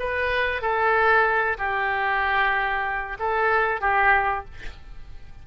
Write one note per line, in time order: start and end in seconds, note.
0.00 0.62 B4
0.62 1.58 A4
1.58 3.18 G4
3.19 3.82 A4
3.82 4.45 G4